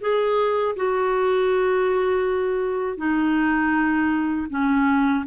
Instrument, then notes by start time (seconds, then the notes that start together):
clarinet
0.00 G#4
0.75 F#4
2.97 D#4
4.49 C#4